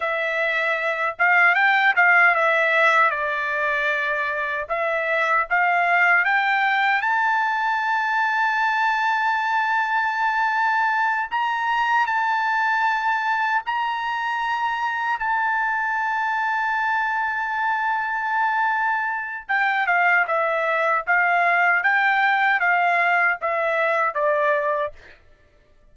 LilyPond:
\new Staff \with { instrumentName = "trumpet" } { \time 4/4 \tempo 4 = 77 e''4. f''8 g''8 f''8 e''4 | d''2 e''4 f''4 | g''4 a''2.~ | a''2~ a''8 ais''4 a''8~ |
a''4. ais''2 a''8~ | a''1~ | a''4 g''8 f''8 e''4 f''4 | g''4 f''4 e''4 d''4 | }